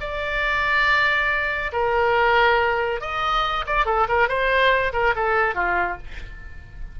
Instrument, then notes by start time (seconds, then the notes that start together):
oboe
0.00 D5
1.72 A#4
3.00 D#5
3.66 D5
3.85 A4
4.08 A#4
4.28 C5
4.92 A#4
5.15 A4
5.54 F4